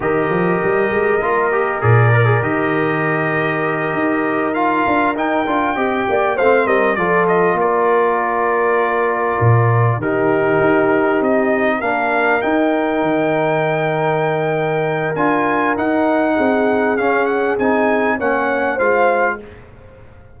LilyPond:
<<
  \new Staff \with { instrumentName = "trumpet" } { \time 4/4 \tempo 4 = 99 dis''2. d''4 | dis''2.~ dis''8 f''8~ | f''8 g''2 f''8 dis''8 d''8 | dis''8 d''2.~ d''8~ |
d''8 ais'2 dis''4 f''8~ | f''8 g''2.~ g''8~ | g''4 gis''4 fis''2 | f''8 fis''8 gis''4 fis''4 f''4 | }
  \new Staff \with { instrumentName = "horn" } { \time 4/4 ais'1~ | ais'1~ | ais'4. dis''8 d''8 c''8 ais'8 a'8~ | a'8 ais'2.~ ais'8~ |
ais'8 g'2. ais'8~ | ais'1~ | ais'2. gis'4~ | gis'2 cis''4 c''4 | }
  \new Staff \with { instrumentName = "trombone" } { \time 4/4 g'2 f'8 g'8 gis'8 ais'16 gis'16 | g'2.~ g'8 f'8~ | f'8 dis'8 f'8 g'4 c'4 f'8~ | f'1~ |
f'8 dis'2. d'8~ | d'8 dis'2.~ dis'8~ | dis'4 f'4 dis'2 | cis'4 dis'4 cis'4 f'4 | }
  \new Staff \with { instrumentName = "tuba" } { \time 4/4 dis8 f8 g8 gis8 ais4 ais,4 | dis2~ dis8 dis'4. | d'8 dis'8 d'8 c'8 ais8 a8 g8 f8~ | f8 ais2. ais,8~ |
ais,8 dis4 dis'4 c'4 ais8~ | ais8 dis'4 dis2~ dis8~ | dis4 d'4 dis'4 c'4 | cis'4 c'4 ais4 gis4 | }
>>